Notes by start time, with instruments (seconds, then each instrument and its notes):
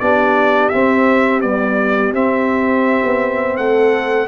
0.00 tuba B3, trombone D4, horn G4, trumpet D5
0.69 trombone C4, tuba C4, trumpet E5
1.42 trombone G3, tuba B3, trumpet D5
2.13 tuba C4, trombone C4, trumpet E5
3.05 tuba B3
3.57 tuba A3, horn A4, trumpet F#5